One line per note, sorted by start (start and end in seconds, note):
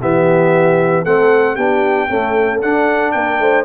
0.00 1.05 E3
0.00 1.06 B3
0.00 1.04 G4
0.00 1.05 E5
1.04 1.57 A3
1.04 1.57 C4
1.04 1.55 A4
1.04 1.55 F#5
1.55 2.09 B3
1.55 2.10 D4
1.55 2.07 G4
1.55 2.60 G5
2.10 2.62 A3
2.10 2.63 C#4
2.10 3.14 A4
2.61 3.65 D4
2.61 3.15 D4
2.61 3.12 F#5
3.12 3.39 A#3
3.12 3.40 A#4
3.12 3.64 G5
3.39 3.65 A3
3.39 3.65 C5